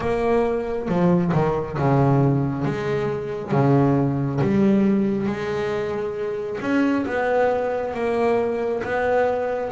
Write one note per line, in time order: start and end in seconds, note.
0.00 0.88 A#3
0.88 1.32 F3
1.33 1.77 D#3
1.78 2.64 C#3
2.64 3.51 G#3
3.51 4.40 C#3
4.41 5.26 G3
5.26 6.58 G#3
6.61 7.05 C#4
7.05 7.94 B3
7.94 8.82 A#3
8.83 9.71 B3